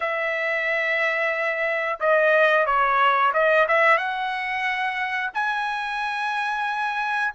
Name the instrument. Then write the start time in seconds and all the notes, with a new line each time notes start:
trumpet
0.00 E5
2.00 D#5
2.65 C#5
3.33 D#5
3.68 E5
3.97 F#5
5.33 G#5